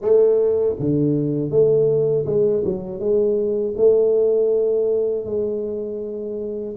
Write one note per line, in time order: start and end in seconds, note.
0.01 0.76 A3
0.79 1.50 D3
1.50 2.25 A3
2.25 2.63 G#3
2.64 2.99 F#3
2.99 3.74 G#3
3.76 5.25 A3
5.25 6.75 G#3